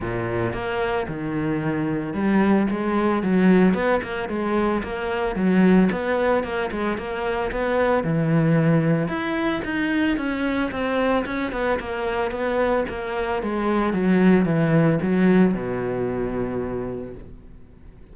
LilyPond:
\new Staff \with { instrumentName = "cello" } { \time 4/4 \tempo 4 = 112 ais,4 ais4 dis2 | g4 gis4 fis4 b8 ais8 | gis4 ais4 fis4 b4 | ais8 gis8 ais4 b4 e4~ |
e4 e'4 dis'4 cis'4 | c'4 cis'8 b8 ais4 b4 | ais4 gis4 fis4 e4 | fis4 b,2. | }